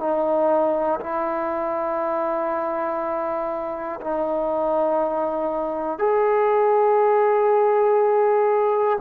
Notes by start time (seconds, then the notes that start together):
0.00 D#4
1.00 E4
4.00 D#4
5.99 G#4